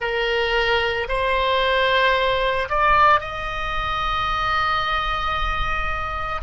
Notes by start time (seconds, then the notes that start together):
0.00 A#4
1.08 C5
2.69 D5
3.20 D#5